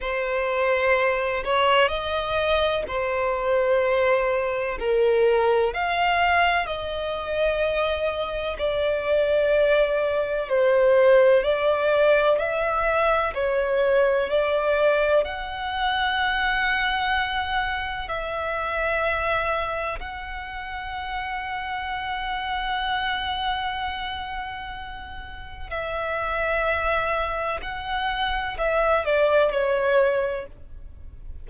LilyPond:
\new Staff \with { instrumentName = "violin" } { \time 4/4 \tempo 4 = 63 c''4. cis''8 dis''4 c''4~ | c''4 ais'4 f''4 dis''4~ | dis''4 d''2 c''4 | d''4 e''4 cis''4 d''4 |
fis''2. e''4~ | e''4 fis''2.~ | fis''2. e''4~ | e''4 fis''4 e''8 d''8 cis''4 | }